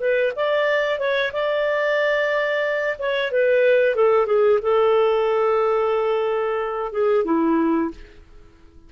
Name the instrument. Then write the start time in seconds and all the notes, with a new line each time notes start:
clarinet
0.00 B4
0.36 D5
0.99 C#5
1.33 D5
2.99 C#5
3.31 B4
3.96 A4
4.26 G#4
4.62 A4
6.93 G#4
7.25 E4